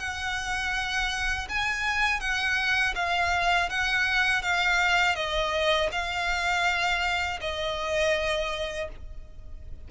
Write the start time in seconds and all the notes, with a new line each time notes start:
0.00 F#5
1.49 G#5
2.21 F#5
2.96 F5
3.70 F#5
4.42 F5
5.16 D#5
5.92 F5
7.41 D#5